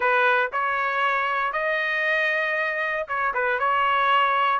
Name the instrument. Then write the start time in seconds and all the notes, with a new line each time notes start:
trumpet
0.00 B4
0.52 C#5
1.52 D#5
3.07 C#5
3.34 B4
3.59 C#5